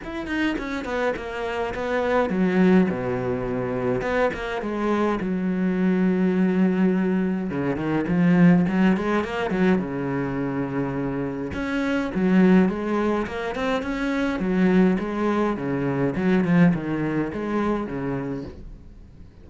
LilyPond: \new Staff \with { instrumentName = "cello" } { \time 4/4 \tempo 4 = 104 e'8 dis'8 cis'8 b8 ais4 b4 | fis4 b,2 b8 ais8 | gis4 fis2.~ | fis4 cis8 dis8 f4 fis8 gis8 |
ais8 fis8 cis2. | cis'4 fis4 gis4 ais8 c'8 | cis'4 fis4 gis4 cis4 | fis8 f8 dis4 gis4 cis4 | }